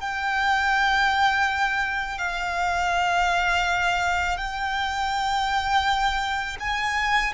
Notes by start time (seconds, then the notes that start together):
0.00 G5
2.18 F5
4.37 G5
6.60 G#5